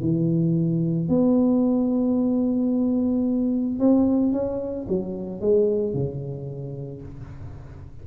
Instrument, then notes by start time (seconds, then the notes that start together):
tuba
0.00 E3
1.09 B3
3.79 C4
4.32 C#4
4.88 F#3
5.40 G#3
5.93 C#3